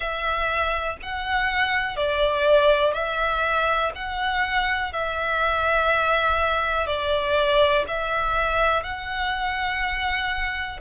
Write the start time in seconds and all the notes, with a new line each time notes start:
0.00 E5
1.02 F#5
1.96 D5
2.93 E5
3.95 F#5
4.92 E5
6.86 D5
7.87 E5
8.83 F#5